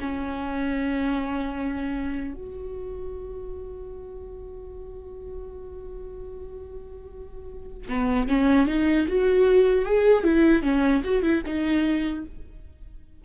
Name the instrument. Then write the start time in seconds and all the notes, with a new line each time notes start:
viola
0.00 C#4
2.34 F#4
7.89 B3
8.28 C#4
8.67 D#4
9.08 F#4
9.85 G#4
10.23 E4
10.63 C#4
11.04 F#4
11.22 E4
11.46 D#4